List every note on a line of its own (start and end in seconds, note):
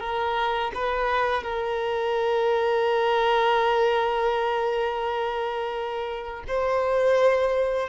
0.00 0.71 A#4
0.74 1.43 B4
1.43 6.43 A#4
6.47 7.89 C5